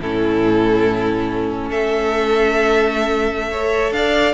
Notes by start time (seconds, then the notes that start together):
0.00 A2 C#4 E4 A4
1.68 A3 A4 E5
3.51 A4 C#5
3.91 D4 D5 F5